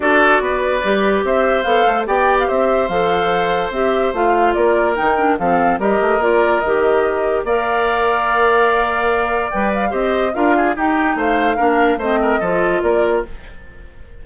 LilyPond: <<
  \new Staff \with { instrumentName = "flute" } { \time 4/4 \tempo 4 = 145 d''2. e''4 | f''4 g''8. f''16 e''4 f''4~ | f''4 e''4 f''4 d''4 | g''4 f''4 dis''4 d''4 |
dis''2 f''2~ | f''2. g''8 f''8 | dis''4 f''4 g''4 f''4~ | f''4 dis''2 d''4 | }
  \new Staff \with { instrumentName = "oboe" } { \time 4/4 a'4 b'2 c''4~ | c''4 d''4 c''2~ | c''2. ais'4~ | ais'4 a'4 ais'2~ |
ais'2 d''2~ | d''1 | c''4 ais'8 gis'8 g'4 c''4 | ais'4 c''8 ais'8 a'4 ais'4 | }
  \new Staff \with { instrumentName = "clarinet" } { \time 4/4 fis'2 g'2 | a'4 g'2 a'4~ | a'4 g'4 f'2 | dis'8 d'8 c'4 g'4 f'4 |
g'2 ais'2~ | ais'2. b'4 | g'4 f'4 dis'2 | d'4 c'4 f'2 | }
  \new Staff \with { instrumentName = "bassoon" } { \time 4/4 d'4 b4 g4 c'4 | b8 a8 b4 c'4 f4~ | f4 c'4 a4 ais4 | dis4 f4 g8 a8 ais4 |
dis2 ais2~ | ais2. g4 | c'4 d'4 dis'4 a4 | ais4 a4 f4 ais4 | }
>>